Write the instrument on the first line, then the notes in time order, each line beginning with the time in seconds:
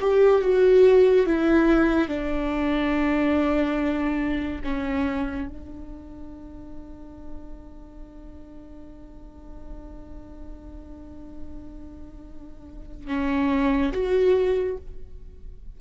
viola
0.00 G4
0.41 F#4
1.26 E4
2.08 D4
4.63 C#4
5.48 D4
13.07 C#4
13.92 F#4